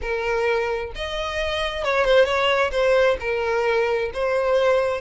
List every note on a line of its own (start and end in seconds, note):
0.01 0.92 A#4
0.95 1.84 D#5
1.84 2.04 C#5
2.04 2.25 C5
2.25 2.70 C#5
2.71 3.17 C5
3.20 4.11 A#4
4.13 5.01 C5